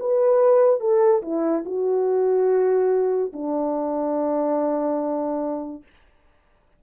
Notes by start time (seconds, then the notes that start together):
0.00 B4
0.80 A4
1.22 E4
1.66 F#4
3.33 D4